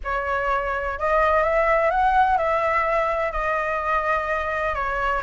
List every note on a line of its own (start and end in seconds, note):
0.04 0.99 C#5
0.99 1.43 D#5
1.43 1.90 E5
1.90 2.37 F#5
2.37 3.31 E5
3.31 4.74 D#5
4.74 5.22 C#5